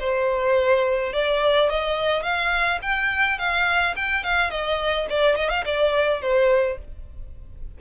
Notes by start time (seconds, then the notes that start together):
0.00 C5
1.13 D5
1.70 D#5
2.23 F5
2.82 G5
3.38 F5
3.96 G5
4.24 F5
4.51 D#5
5.10 D5
5.36 D#5
5.50 F5
5.66 D5
6.22 C5